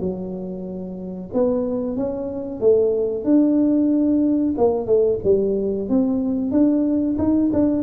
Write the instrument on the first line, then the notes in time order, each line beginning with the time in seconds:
tuba
0.00 F#3
1.33 B3
1.97 C#4
2.60 A3
3.24 D4
4.57 A#3
4.86 A3
5.24 G3
5.89 C4
6.51 D4
7.18 D#4
7.53 D4